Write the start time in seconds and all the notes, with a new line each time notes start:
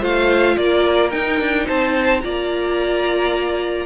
0.00 A3 F4 C5 F5
0.57 A#3 A#4 D5
1.10 D#4 G5
1.40 D4
1.66 C4 C5 A5
2.20 A#3 F4 D5 A#5